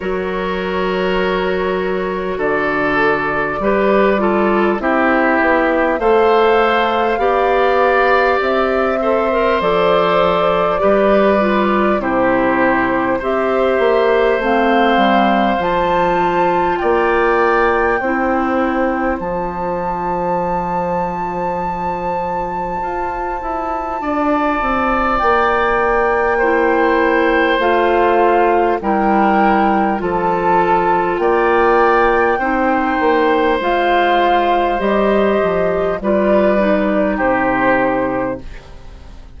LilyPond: <<
  \new Staff \with { instrumentName = "flute" } { \time 4/4 \tempo 4 = 50 cis''2 d''2 | e''4 f''2 e''4 | d''2 c''4 e''4 | f''4 a''4 g''2 |
a''1~ | a''4 g''2 f''4 | g''4 a''4 g''2 | f''4 dis''4 d''4 c''4 | }
  \new Staff \with { instrumentName = "oboe" } { \time 4/4 ais'2 a'4 b'8 a'8 | g'4 c''4 d''4. c''8~ | c''4 b'4 g'4 c''4~ | c''2 d''4 c''4~ |
c''1 | d''2 c''2 | ais'4 a'4 d''4 c''4~ | c''2 b'4 g'4 | }
  \new Staff \with { instrumentName = "clarinet" } { \time 4/4 fis'2. g'8 f'8 | e'4 a'4 g'4. a'16 ais'16 | a'4 g'8 f'8 e'4 g'4 | c'4 f'2 e'4 |
f'1~ | f'2 e'4 f'4 | e'4 f'2 dis'4 | f'4 g'4 f'8 dis'4. | }
  \new Staff \with { instrumentName = "bassoon" } { \time 4/4 fis2 d4 g4 | c'8 b8 a4 b4 c'4 | f4 g4 c4 c'8 ais8 | a8 g8 f4 ais4 c'4 |
f2. f'8 e'8 | d'8 c'8 ais2 a4 | g4 f4 ais4 c'8 ais8 | gis4 g8 f8 g4 c4 | }
>>